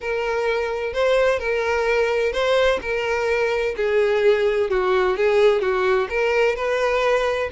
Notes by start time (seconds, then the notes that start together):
0.00 A#4
0.93 C5
1.39 A#4
2.32 C5
2.81 A#4
3.76 G#4
4.70 F#4
5.16 G#4
5.61 F#4
6.09 A#4
6.55 B4